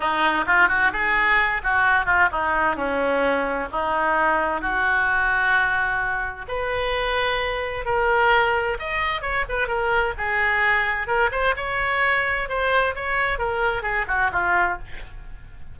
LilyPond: \new Staff \with { instrumentName = "oboe" } { \time 4/4 \tempo 4 = 130 dis'4 f'8 fis'8 gis'4. fis'8~ | fis'8 f'8 dis'4 cis'2 | dis'2 fis'2~ | fis'2 b'2~ |
b'4 ais'2 dis''4 | cis''8 b'8 ais'4 gis'2 | ais'8 c''8 cis''2 c''4 | cis''4 ais'4 gis'8 fis'8 f'4 | }